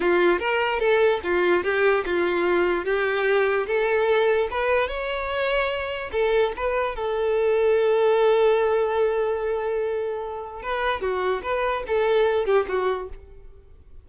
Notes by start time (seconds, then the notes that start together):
0.00 F4
0.39 A#4
0.79 A4
1.23 F4
1.63 G4
2.05 F4
2.84 G4
3.66 A4
4.50 B4
4.88 C#5
6.12 A4
6.56 B4
6.95 A4
10.62 B4
11.01 F#4
11.42 B4
11.87 A4
12.45 G4
12.68 F#4